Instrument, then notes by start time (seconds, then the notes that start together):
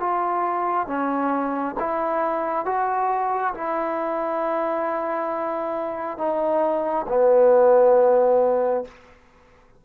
trombone
0.00 F4
0.87 C#4
1.80 E4
2.66 F#4
3.54 E4
6.18 D#4
7.08 B3